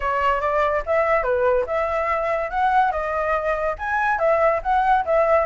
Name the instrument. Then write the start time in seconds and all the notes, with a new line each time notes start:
flute
0.00 C#5
0.40 D5
0.86 E5
1.23 B4
1.66 E5
2.50 F#5
2.91 D#5
3.78 G#5
4.18 E5
4.62 F#5
5.05 E5